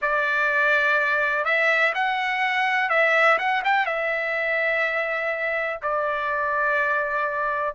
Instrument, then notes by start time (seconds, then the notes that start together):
trumpet
0.01 D5
1.44 E5
1.94 F#5
2.89 E5
3.38 F#5
3.64 G5
3.86 E5
5.82 D5